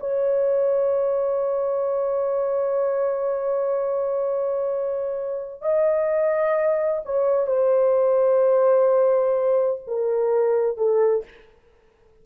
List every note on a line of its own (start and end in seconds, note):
0.00 5.62 C#5
5.62 7.03 D#5
7.05 7.47 C#5
7.47 9.81 C5
9.87 10.78 A#4
10.78 11.25 A4